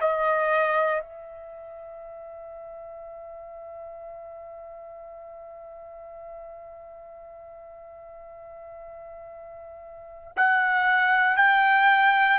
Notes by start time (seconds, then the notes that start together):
0.00 D#5
1.01 E5
10.36 F#5
11.37 G5